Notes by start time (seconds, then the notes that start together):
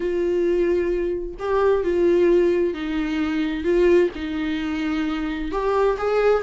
0.00 F4
1.39 G4
1.83 F4
2.74 D#4
3.63 F4
4.15 D#4
5.51 G4
5.98 G#4